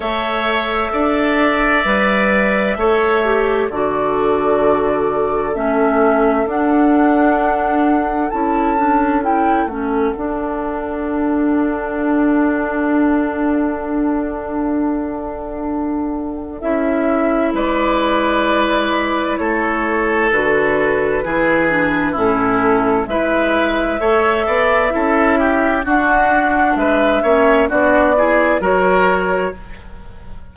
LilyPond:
<<
  \new Staff \with { instrumentName = "flute" } { \time 4/4 \tempo 4 = 65 e''1 | d''2 e''4 fis''4~ | fis''4 a''4 g''8 fis''4.~ | fis''1~ |
fis''2 e''4 d''4~ | d''4 cis''4 b'2 | a'4 e''2. | fis''4 e''4 d''4 cis''4 | }
  \new Staff \with { instrumentName = "oboe" } { \time 4/4 cis''4 d''2 cis''4 | a'1~ | a'1~ | a'1~ |
a'2. b'4~ | b'4 a'2 gis'4 | e'4 b'4 cis''8 d''8 a'8 g'8 | fis'4 b'8 cis''8 fis'8 gis'8 ais'4 | }
  \new Staff \with { instrumentName = "clarinet" } { \time 4/4 a'2 b'4 a'8 g'8 | fis'2 cis'4 d'4~ | d'4 e'8 d'8 e'8 cis'8 d'4~ | d'1~ |
d'2 e'2~ | e'2 fis'4 e'8 d'8 | cis'4 e'4 a'4 e'4 | d'4. cis'8 d'8 e'8 fis'4 | }
  \new Staff \with { instrumentName = "bassoon" } { \time 4/4 a4 d'4 g4 a4 | d2 a4 d'4~ | d'4 cis'4. a8 d'4~ | d'1~ |
d'2 cis'4 gis4~ | gis4 a4 d4 e4 | a,4 gis4 a8 b8 cis'4 | d'4 gis8 ais8 b4 fis4 | }
>>